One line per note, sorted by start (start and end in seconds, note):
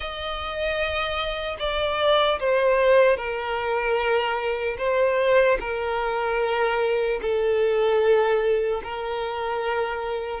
0.00 1.56 D#5
1.59 2.39 D5
2.39 3.16 C5
3.16 4.76 A#4
4.78 5.58 C5
5.60 7.20 A#4
7.21 8.81 A4
8.83 10.40 A#4